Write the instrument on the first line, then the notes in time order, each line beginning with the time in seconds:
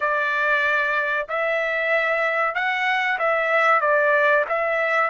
trumpet
0.00 D5
1.29 E5
2.54 F#5
3.18 E5
3.81 D5
4.48 E5